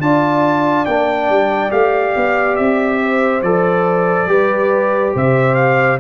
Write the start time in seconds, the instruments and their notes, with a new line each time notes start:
0.00 tuba D4, trombone F4, horn D5, trumpet A5
0.85 tuba A#3, trombone D4, trumpet G5
1.29 tuba G3
1.69 tuba A3, trombone G4, trumpet F5
2.16 tuba B3
2.56 tuba C4, trumpet E5
3.03 horn C5
3.42 tuba F3, trombone A4, trumpet D5
4.26 tuba G3, trombone G4, horn B4
5.14 tuba C3, horn C5, trumpet E5
5.55 trumpet F5